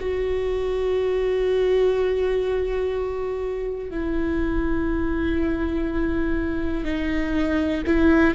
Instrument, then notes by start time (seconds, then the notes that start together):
viola
0.00 F#4
3.91 E4
6.85 D#4
7.86 E4